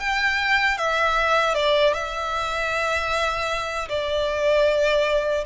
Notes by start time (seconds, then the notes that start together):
0.00 G5
0.78 E5
1.55 D5
1.94 E5
3.89 D5